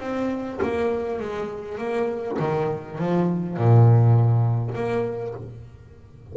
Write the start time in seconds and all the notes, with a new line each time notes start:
0.00 C4
0.62 A#3
1.20 G#3
1.78 A#3
2.39 D#3
2.98 F3
3.57 A#2
4.74 A#3